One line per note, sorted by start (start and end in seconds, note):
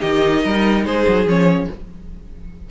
0.00 0.44 D#3
0.00 1.26 D#4
0.00 0.42 G4
0.00 0.85 D#5
0.44 0.85 G3
0.44 0.86 A#4
0.85 1.06 G#3
0.85 1.69 G#4
0.85 1.27 C5
1.07 1.26 F#3
1.26 1.68 F3
1.26 1.70 C#4
1.26 1.70 C#5